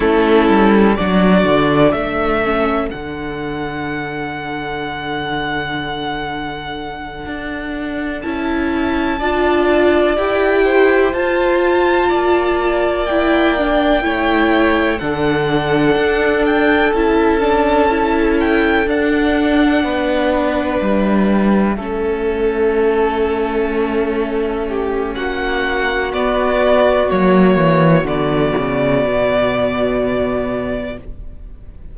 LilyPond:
<<
  \new Staff \with { instrumentName = "violin" } { \time 4/4 \tempo 4 = 62 a'4 d''4 e''4 fis''4~ | fis''1~ | fis''8 a''2 g''4 a''8~ | a''4. g''2 fis''8~ |
fis''4 g''8 a''4. g''8 fis''8~ | fis''4. e''2~ e''8~ | e''2 fis''4 d''4 | cis''4 d''2. | }
  \new Staff \with { instrumentName = "violin" } { \time 4/4 e'4 fis'4 a'2~ | a'1~ | a'4. d''4. c''4~ | c''8 d''2 cis''4 a'8~ |
a'1~ | a'8 b'2 a'4.~ | a'4. g'8 fis'2~ | fis'1 | }
  \new Staff \with { instrumentName = "viola" } { \time 4/4 cis'4 d'4. cis'8 d'4~ | d'1~ | d'8 e'4 f'4 g'4 f'8~ | f'4. e'8 d'8 e'4 d'8~ |
d'4. e'8 d'8 e'4 d'8~ | d'2~ d'8 cis'4.~ | cis'2. b4 | ais4 b2. | }
  \new Staff \with { instrumentName = "cello" } { \time 4/4 a8 g8 fis8 d8 a4 d4~ | d2.~ d8 d'8~ | d'8 cis'4 d'4 e'4 f'8~ | f'8 ais2 a4 d8~ |
d8 d'4 cis'2 d'8~ | d'8 b4 g4 a4.~ | a2 ais4 b4 | fis8 e8 d8 cis8 b,2 | }
>>